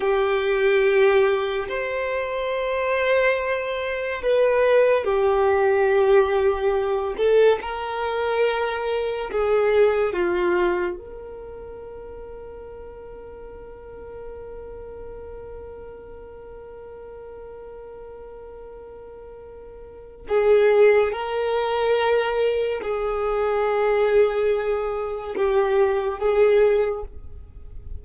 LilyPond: \new Staff \with { instrumentName = "violin" } { \time 4/4 \tempo 4 = 71 g'2 c''2~ | c''4 b'4 g'2~ | g'8 a'8 ais'2 gis'4 | f'4 ais'2.~ |
ais'1~ | ais'1 | gis'4 ais'2 gis'4~ | gis'2 g'4 gis'4 | }